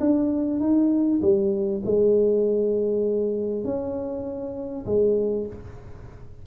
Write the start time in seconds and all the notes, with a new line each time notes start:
0.00 D4
0.60 D#4
1.21 G3
1.85 G#3
3.64 C#4
4.86 G#3